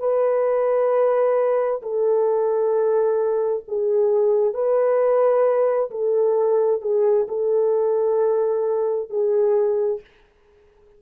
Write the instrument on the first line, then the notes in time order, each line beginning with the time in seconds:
horn
0.00 B4
1.83 A4
3.68 G#4
4.54 B4
5.91 A4
6.82 G#4
7.29 A4
9.10 G#4